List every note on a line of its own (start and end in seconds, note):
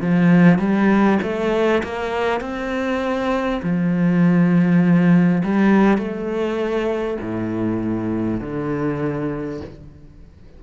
0.00 0.58 F3
0.58 1.18 G3
1.22 1.82 A3
1.83 2.40 A#3
2.40 3.60 C4
3.62 5.42 F3
5.44 5.97 G3
5.97 7.17 A3
7.21 8.41 A2
8.41 9.61 D3